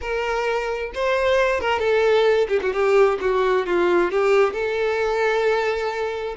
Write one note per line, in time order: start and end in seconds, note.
0.01 0.92 A#4
0.94 1.60 C5
1.60 1.79 A#4
1.79 2.47 A4
2.48 2.59 G4
2.61 2.73 F#4
2.73 3.18 G4
3.20 3.66 F#4
3.66 4.11 F4
4.11 4.53 G4
4.53 6.35 A4